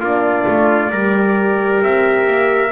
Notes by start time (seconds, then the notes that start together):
0.00 A#3 D4 F4 D5
0.48 A3
0.91 G3 G4 A#4
1.83 C4 E5
2.28 A#3